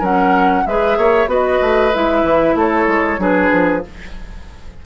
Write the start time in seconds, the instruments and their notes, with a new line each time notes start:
0.00 bassoon F#3, clarinet C#4, oboe A#4, flute F#5
0.66 bassoon G#3, clarinet G#4, oboe B4, flute E5
0.98 bassoon A#3, oboe C#5
1.27 bassoon B3, clarinet F#4, oboe B4, flute D#5
1.62 bassoon A3
1.95 bassoon G#3, clarinet E4, flute E5
2.23 bassoon E3
2.56 bassoon A3, oboe A4, flute C#5
2.88 bassoon G#3
3.19 bassoon F#3, clarinet D4, oboe G#4, flute B4
3.53 bassoon F3